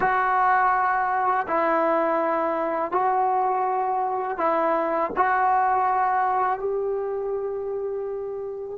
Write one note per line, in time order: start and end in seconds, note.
0.00 1.46 F#4
1.47 2.91 E4
2.91 4.37 F#4
4.37 5.11 E4
5.16 6.59 F#4
6.59 8.78 G4